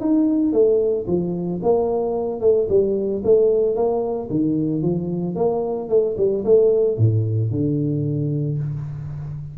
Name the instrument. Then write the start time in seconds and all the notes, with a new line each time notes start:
tuba
0.00 D#4
0.53 A3
1.07 F3
1.63 A#3
2.40 A3
2.69 G3
3.24 A3
3.75 A#3
4.30 D#3
4.82 F3
5.35 A#3
5.89 A3
6.17 G3
6.44 A3
6.98 A2
7.51 D3